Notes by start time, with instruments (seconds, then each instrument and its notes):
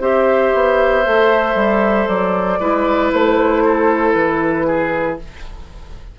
0.00 bassoon C4, clarinet G4, oboe C5, flute E5
0.54 bassoon B3
1.05 bassoon A3, clarinet A4
1.55 bassoon G3
2.08 bassoon F#3, flute D5
2.59 bassoon G#3, clarinet E4, oboe B4
3.13 bassoon A3, flute C5
3.65 oboe A4
4.13 bassoon E3, flute B4
4.67 oboe G#4